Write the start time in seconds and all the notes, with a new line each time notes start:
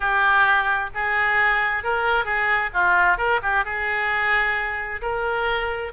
0.00 G4
0.94 G#4
1.83 A#4
2.24 G#4
2.73 F4
3.17 A#4
3.42 G4
3.64 G#4
5.01 A#4